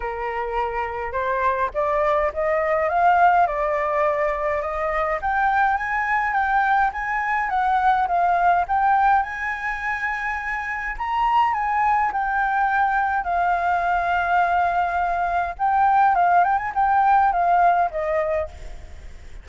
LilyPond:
\new Staff \with { instrumentName = "flute" } { \time 4/4 \tempo 4 = 104 ais'2 c''4 d''4 | dis''4 f''4 d''2 | dis''4 g''4 gis''4 g''4 | gis''4 fis''4 f''4 g''4 |
gis''2. ais''4 | gis''4 g''2 f''4~ | f''2. g''4 | f''8 g''16 gis''16 g''4 f''4 dis''4 | }